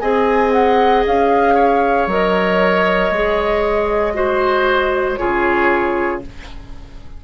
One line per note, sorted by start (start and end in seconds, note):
0.00 1.06 C4
0.00 2.09 G#4
0.00 1.55 D#5
0.00 0.52 G#5
0.53 1.05 F#5
1.07 2.07 C#4
1.07 2.09 F5
1.55 4.14 C#5
2.07 3.11 F#3
2.07 3.13 A#4
2.07 5.16 D#5
3.11 5.18 G#3
3.11 4.14 G#4
4.14 5.18 F#4
4.14 5.20 C5
5.16 6.25 C#3
5.16 6.22 F4
5.16 6.23 G#4
5.16 6.20 C#5